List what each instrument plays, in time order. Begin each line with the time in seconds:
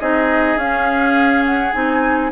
0.00 bassoon C4, clarinet D#4, oboe G#4, flute D#5
0.57 bassoon C#4, clarinet C#4, flute F5
1.46 flute F#5
1.73 bassoon C4, clarinet D#4, flute G#5